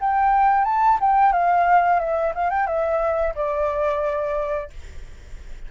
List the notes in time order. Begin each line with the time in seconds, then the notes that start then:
0.00 G5
0.65 A5
1.01 G5
1.33 F5
2.00 E5
2.35 F5
2.50 G5
2.67 E5
3.35 D5